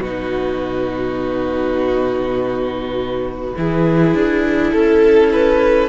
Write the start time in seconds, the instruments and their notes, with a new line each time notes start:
0.00 cello B2, viola D#4, violin F#4 B4
3.56 cello E3, viola E4, violin G#4
4.14 cello D4
4.70 cello C#4, violin A4
5.33 violin B4